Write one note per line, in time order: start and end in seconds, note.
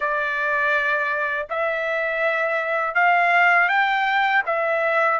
0.00 1.46 D5
1.49 2.95 E5
2.95 3.68 F5
3.68 4.42 G5
4.45 5.20 E5